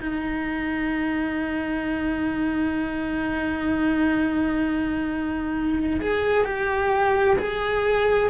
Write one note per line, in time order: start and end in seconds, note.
0.00 6.00 D#4
6.01 6.44 G#4
6.44 7.37 G4
7.38 8.30 G#4